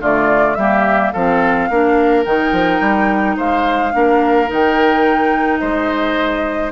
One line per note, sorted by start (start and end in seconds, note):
0.00 0.56 D3
0.00 0.59 A3
0.00 0.57 F4
0.00 0.55 D5
0.55 1.13 G3
0.55 1.15 A#3
0.55 1.13 G4
0.55 1.11 E5
1.12 1.70 F3
1.12 1.71 C4
1.12 1.69 A4
1.12 2.25 F5
1.70 2.26 A#3
1.70 2.25 D4
1.70 3.36 A#4
2.25 2.52 D#3
2.25 3.92 D#4
2.25 3.37 G5
2.52 2.80 F3
2.80 3.36 G3
3.36 3.94 G#3
3.36 3.92 C5
3.36 4.51 F5
3.92 4.51 A#3
3.92 4.47 D4
3.92 5.60 A#4
4.47 5.61 D#3
4.47 6.71 D#4
4.47 5.58 G5
5.58 6.72 G#3
5.58 6.72 C5
5.58 6.71 D#5